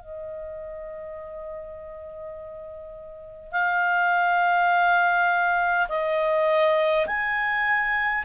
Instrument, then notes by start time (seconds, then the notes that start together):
clarinet
0.00 D#5
3.52 F5
5.89 D#5
7.06 G#5